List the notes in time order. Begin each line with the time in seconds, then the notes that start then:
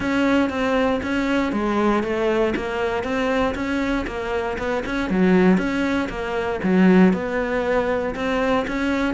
0.00 C#4
0.49 C4
1.02 C#4
1.52 G#3
2.03 A3
2.55 A#3
3.03 C4
3.54 C#4
4.07 A#3
4.58 B3
4.85 C#4
5.10 F#3
5.57 C#4
6.09 A#3
6.63 F#3
7.13 B3
8.15 C4
8.67 C#4